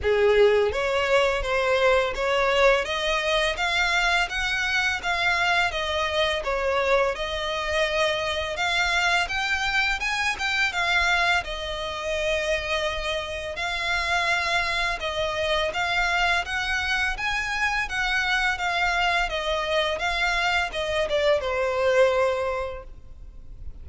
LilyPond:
\new Staff \with { instrumentName = "violin" } { \time 4/4 \tempo 4 = 84 gis'4 cis''4 c''4 cis''4 | dis''4 f''4 fis''4 f''4 | dis''4 cis''4 dis''2 | f''4 g''4 gis''8 g''8 f''4 |
dis''2. f''4~ | f''4 dis''4 f''4 fis''4 | gis''4 fis''4 f''4 dis''4 | f''4 dis''8 d''8 c''2 | }